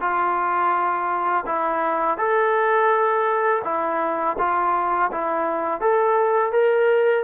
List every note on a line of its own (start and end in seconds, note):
0.00 1.45 F4
1.46 2.18 E4
2.18 3.62 A4
3.64 4.37 E4
4.38 5.10 F4
5.11 5.81 E4
5.81 6.52 A4
6.52 7.24 A#4